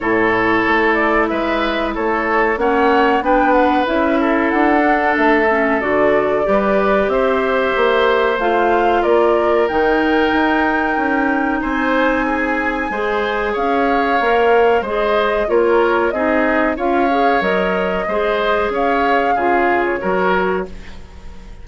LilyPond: <<
  \new Staff \with { instrumentName = "flute" } { \time 4/4 \tempo 4 = 93 cis''4. d''8 e''4 cis''4 | fis''4 g''8 fis''8 e''4 fis''4 | e''4 d''2 e''4~ | e''4 f''4 d''4 g''4~ |
g''2 gis''2~ | gis''4 f''2 dis''4 | cis''4 dis''4 f''4 dis''4~ | dis''4 f''4.~ f''16 cis''4~ cis''16 | }
  \new Staff \with { instrumentName = "oboe" } { \time 4/4 a'2 b'4 a'4 | cis''4 b'4. a'4.~ | a'2 b'4 c''4~ | c''2 ais'2~ |
ais'2 c''4 gis'4 | c''4 cis''2 c''4 | ais'4 gis'4 cis''2 | c''4 cis''4 gis'4 ais'4 | }
  \new Staff \with { instrumentName = "clarinet" } { \time 4/4 e'1 | cis'4 d'4 e'4. d'8~ | d'8 cis'8 fis'4 g'2~ | g'4 f'2 dis'4~ |
dis'1 | gis'2 ais'4 gis'4 | f'4 dis'4 f'8 gis'8 ais'4 | gis'2 f'4 fis'4 | }
  \new Staff \with { instrumentName = "bassoon" } { \time 4/4 a,4 a4 gis4 a4 | ais4 b4 cis'4 d'4 | a4 d4 g4 c'4 | ais4 a4 ais4 dis4 |
dis'4 cis'4 c'2 | gis4 cis'4 ais4 gis4 | ais4 c'4 cis'4 fis4 | gis4 cis'4 cis4 fis4 | }
>>